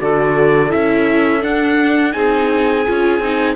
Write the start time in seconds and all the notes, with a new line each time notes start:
0.00 D3 F#4 A4 D5
0.69 C#4 E4 E5
1.40 D4 F#5
2.12 C4 D#4 G#4 G#5
2.86 C#4 F4
3.19 C4 D#4